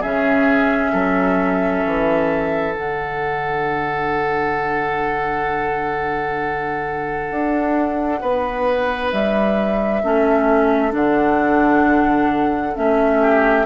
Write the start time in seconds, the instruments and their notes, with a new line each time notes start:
0.00 bassoon C#3, clarinet C#4, oboe G#4, flute E5
0.92 bassoon F#3, oboe A4
1.85 bassoon E3
2.73 bassoon D3, clarinet D4, flute F#5
7.30 bassoon D4
8.21 bassoon B3, oboe B4
9.11 bassoon G3, flute E5
10.02 bassoon A3, clarinet C#4, oboe A4
10.91 bassoon D3, clarinet D4, flute F#5
12.75 bassoon A3, clarinet C#4, flute E5
13.20 oboe G4